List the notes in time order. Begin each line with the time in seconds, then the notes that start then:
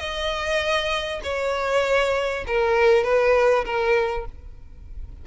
0.00 D#5
1.24 C#5
2.47 A#4
3.04 B4
3.65 A#4